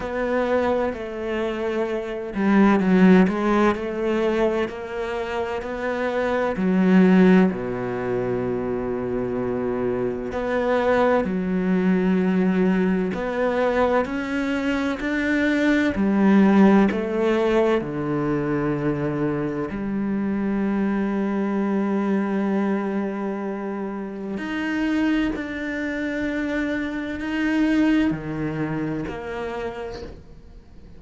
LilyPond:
\new Staff \with { instrumentName = "cello" } { \time 4/4 \tempo 4 = 64 b4 a4. g8 fis8 gis8 | a4 ais4 b4 fis4 | b,2. b4 | fis2 b4 cis'4 |
d'4 g4 a4 d4~ | d4 g2.~ | g2 dis'4 d'4~ | d'4 dis'4 dis4 ais4 | }